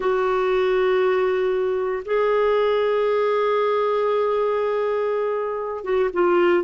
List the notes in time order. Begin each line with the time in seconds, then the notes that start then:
0.00 F#4
2.05 G#4
5.84 F#4
6.13 F4